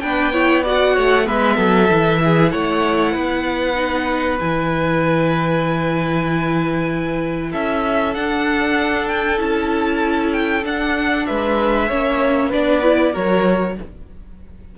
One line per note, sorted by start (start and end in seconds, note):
0.00 0.98 B3
0.00 0.33 D4
0.00 0.33 B4
0.00 0.62 G5
0.33 0.64 E4
0.33 0.63 C#5
0.63 1.24 F#4
0.63 0.94 D5
0.63 1.27 F#5
0.94 1.28 A3
0.94 1.25 C#5
1.24 1.58 G#3
1.24 1.87 B3
1.24 1.56 B4
1.24 2.50 E5
1.56 1.89 F#3
1.56 2.19 A4
1.91 2.53 E3
1.91 3.75 E4
2.24 2.52 G#4
2.50 3.15 A3
2.50 3.12 C#5
2.50 4.38 F#5
3.12 4.40 B3
3.12 7.49 B4
3.75 4.37 D#4
4.39 7.53 E3
4.39 8.15 E4
4.39 7.52 G#5
7.52 8.15 C#4
7.52 11.27 A4
7.52 8.14 E5
8.14 9.38 D4
8.14 9.39 D4
8.14 9.08 F#5
9.08 9.39 G5
9.38 10.64 C#4
9.38 10.62 E4
9.38 10.33 A5
10.33 10.64 G5
10.63 11.88 D4
10.63 11.27 D4
10.63 11.26 F#5
11.26 11.91 G#3
11.26 11.88 B4
11.26 12.51 E5
11.88 12.53 A#3
11.88 12.52 C#4
11.88 12.49 C#5
12.49 13.15 B3
12.49 12.82 D4
12.49 13.12 B4
12.49 13.15 D5
12.82 13.13 E4
13.12 13.78 F#3
13.12 13.76 F#4
13.12 13.75 A#4
13.12 13.78 C#5